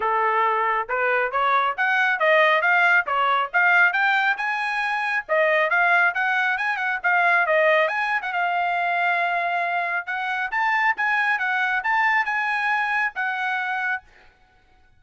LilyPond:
\new Staff \with { instrumentName = "trumpet" } { \time 4/4 \tempo 4 = 137 a'2 b'4 cis''4 | fis''4 dis''4 f''4 cis''4 | f''4 g''4 gis''2 | dis''4 f''4 fis''4 gis''8 fis''8 |
f''4 dis''4 gis''8. fis''16 f''4~ | f''2. fis''4 | a''4 gis''4 fis''4 a''4 | gis''2 fis''2 | }